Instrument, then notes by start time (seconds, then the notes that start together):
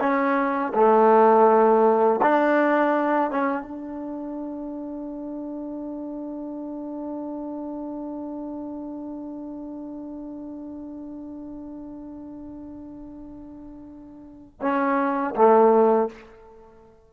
trombone
0.00 C#4
0.74 A3
2.22 D4
3.31 C#4
3.63 D4
14.62 C#4
15.36 A3